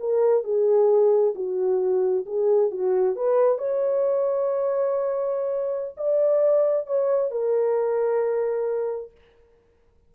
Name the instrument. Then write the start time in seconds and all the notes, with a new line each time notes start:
horn
0.00 A#4
0.44 G#4
1.35 F#4
2.26 G#4
2.71 F#4
3.16 B4
3.58 C#5
5.97 D5
6.87 C#5
7.31 A#4